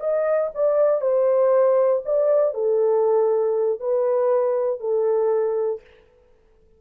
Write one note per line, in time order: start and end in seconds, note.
0.00 0.50 D#5
0.55 1.02 D5
1.02 2.03 C5
2.05 2.54 D5
2.54 3.80 A4
3.80 4.80 B4
4.80 5.81 A4